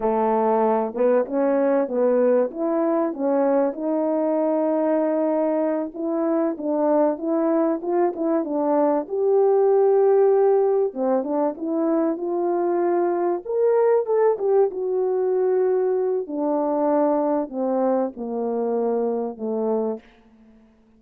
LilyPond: \new Staff \with { instrumentName = "horn" } { \time 4/4 \tempo 4 = 96 a4. b8 cis'4 b4 | e'4 cis'4 dis'2~ | dis'4. e'4 d'4 e'8~ | e'8 f'8 e'8 d'4 g'4.~ |
g'4. c'8 d'8 e'4 f'8~ | f'4. ais'4 a'8 g'8 fis'8~ | fis'2 d'2 | c'4 ais2 a4 | }